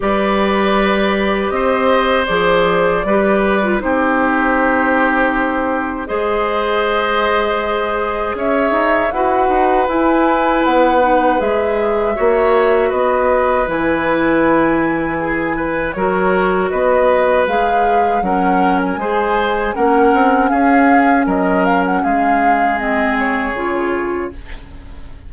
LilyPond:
<<
  \new Staff \with { instrumentName = "flute" } { \time 4/4 \tempo 4 = 79 d''2 dis''4 d''4~ | d''4 c''2. | dis''2. e''4 | fis''4 gis''4 fis''4 e''4~ |
e''4 dis''4 gis''2~ | gis''4 cis''4 dis''4 f''4 | fis''8. gis''4~ gis''16 fis''4 f''4 | dis''8 f''16 fis''16 f''4 dis''8 cis''4. | }
  \new Staff \with { instrumentName = "oboe" } { \time 4/4 b'2 c''2 | b'4 g'2. | c''2. cis''4 | b'1 |
cis''4 b'2. | gis'8 b'8 ais'4 b'2 | ais'4 c''4 ais'4 gis'4 | ais'4 gis'2. | }
  \new Staff \with { instrumentName = "clarinet" } { \time 4/4 g'2. gis'4 | g'8. f'16 dis'2. | gis'1 | fis'4 e'4. dis'8 gis'4 |
fis'2 e'2~ | e'4 fis'2 gis'4 | cis'4 gis'4 cis'2~ | cis'2 c'4 f'4 | }
  \new Staff \with { instrumentName = "bassoon" } { \time 4/4 g2 c'4 f4 | g4 c'2. | gis2. cis'8 dis'8 | e'8 dis'8 e'4 b4 gis4 |
ais4 b4 e2~ | e4 fis4 b4 gis4 | fis4 gis4 ais8 c'8 cis'4 | fis4 gis2 cis4 | }
>>